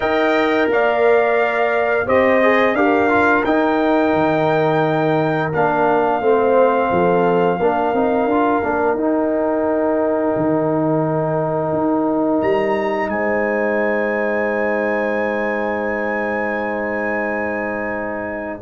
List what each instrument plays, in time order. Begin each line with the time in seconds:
0.00 tuba D#4, trombone A#4, horn D#5, trumpet G5
0.68 tuba A#3, horn D5, trumpet F5
2.06 tuba C4, trombone G4, horn C5, trumpet D#5
2.42 trombone G#4
2.73 tuba D4, trombone G4, horn A#4, trumpet F5
3.09 trombone F4
3.44 tuba D#4, trombone D#4, trumpet G5
4.13 tuba D#3
5.52 tuba A#3, trombone D4, trumpet F5
6.20 tuba A3, trombone C4, horn C5
6.90 tuba F3, horn A4
7.58 tuba A#3, trombone D4, horn A#4
7.93 tuba C4, trombone D#4
8.25 tuba D4, trombone F4
8.62 tuba A#3, trombone D4
8.94 tuba D#4, trombone D#4, trumpet G5
10.36 tuba D#3
11.72 tuba D#4
12.41 tuba G3, trumpet A#5
13.08 tuba G#3, horn C5, trumpet G#5